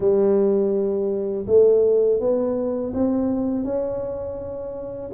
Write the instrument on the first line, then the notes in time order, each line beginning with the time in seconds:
tuba
0.00 G3
1.46 A3
2.20 B3
2.94 C4
3.64 C#4